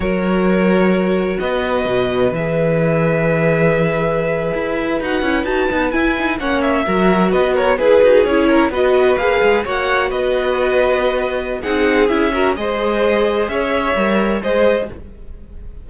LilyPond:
<<
  \new Staff \with { instrumentName = "violin" } { \time 4/4 \tempo 4 = 129 cis''2. dis''4~ | dis''4 e''2.~ | e''2~ e''8. fis''4 a''16~ | a''8. gis''4 fis''8 e''4. dis''16~ |
dis''16 cis''8 b'4 cis''4 dis''4 f''16~ | f''8. fis''4 dis''2~ dis''16~ | dis''4 fis''4 e''4 dis''4~ | dis''4 e''2 dis''4 | }
  \new Staff \with { instrumentName = "violin" } { \time 4/4 ais'2. b'4~ | b'1~ | b'1~ | b'4.~ b'16 cis''4 ais'4 b'16~ |
b'16 ais'8 gis'4. ais'8 b'4~ b'16~ | b'8. cis''4 b'2~ b'16~ | b'4 gis'4. ais'8 c''4~ | c''4 cis''2 c''4 | }
  \new Staff \with { instrumentName = "viola" } { \time 4/4 fis'1~ | fis'4 gis'2.~ | gis'2~ gis'8. fis'8 e'8 fis'16~ | fis'16 dis'8 e'8 dis'8 cis'4 fis'4~ fis'16~ |
fis'8. gis'8 fis'8 e'4 fis'4 gis'16~ | gis'8. fis'2.~ fis'16~ | fis'4 dis'4 e'8 fis'8 gis'4~ | gis'2 ais'4 gis'4 | }
  \new Staff \with { instrumentName = "cello" } { \time 4/4 fis2. b4 | b,4 e2.~ | e4.~ e16 e'4 dis'8 cis'8 dis'16~ | dis'16 b8 e'4 ais4 fis4 b16~ |
b8. e'8 dis'8 cis'4 b4 ais16~ | ais16 gis8 ais4 b2~ b16~ | b4 c'4 cis'4 gis4~ | gis4 cis'4 g4 gis4 | }
>>